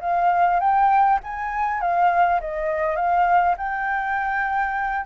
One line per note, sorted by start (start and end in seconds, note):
0.00 0.59 F5
0.60 1.19 G5
1.23 1.80 G#5
1.80 2.40 F5
2.40 2.96 D#5
2.96 3.55 F5
3.57 5.05 G5